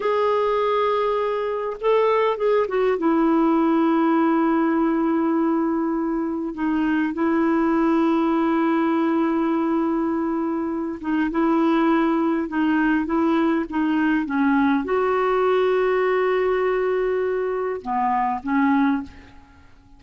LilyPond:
\new Staff \with { instrumentName = "clarinet" } { \time 4/4 \tempo 4 = 101 gis'2. a'4 | gis'8 fis'8 e'2.~ | e'2. dis'4 | e'1~ |
e'2~ e'8 dis'8 e'4~ | e'4 dis'4 e'4 dis'4 | cis'4 fis'2.~ | fis'2 b4 cis'4 | }